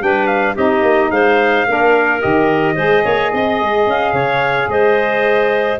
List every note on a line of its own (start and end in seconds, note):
0.00 0.56 G3
0.00 0.55 D4
0.00 0.55 B4
0.00 0.27 G5
0.27 0.54 F5
0.55 0.82 C4
0.55 1.66 D#4
0.55 1.10 G4
0.55 1.11 D#5
0.82 1.09 A#3
1.10 1.65 G#3
1.10 1.67 C5
1.10 2.21 F5
1.67 2.23 A#3
1.67 2.20 D4
1.67 2.75 A#4
2.20 2.76 D#3
2.20 2.75 G4
2.20 3.86 D#5
2.75 3.04 G#3
2.75 5.78 G#4
2.75 3.02 C5
3.04 3.32 A#3
3.04 3.31 C#5
3.33 3.61 C4
3.33 4.13 D#5
3.61 3.86 G#3
3.86 4.12 C#4
3.86 4.70 F5
4.12 4.67 C#3
4.12 4.68 C#5
4.68 5.78 G#3
4.68 5.79 C5
4.68 5.79 D#5